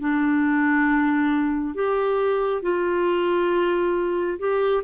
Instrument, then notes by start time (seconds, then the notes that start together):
clarinet
0.00 D4
1.74 G4
2.62 F4
4.39 G4